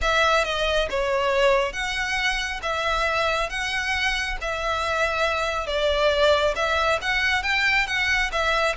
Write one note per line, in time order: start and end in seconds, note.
0.01 0.44 E5
0.44 0.88 D#5
0.90 1.72 C#5
1.72 2.60 F#5
2.62 3.49 E5
3.49 4.37 F#5
4.41 5.66 E5
5.66 6.54 D5
6.55 6.99 E5
7.01 7.42 F#5
7.42 7.86 G5
7.87 8.30 F#5
8.32 8.75 E5